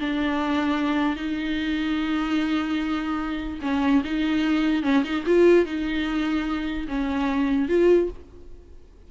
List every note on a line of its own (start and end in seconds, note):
0.00 1.16 D4
1.16 3.60 D#4
3.62 4.03 C#4
4.04 4.83 D#4
4.83 5.04 C#4
5.04 5.24 D#4
5.26 5.66 F4
5.66 6.87 D#4
6.88 7.69 C#4
7.69 8.09 F4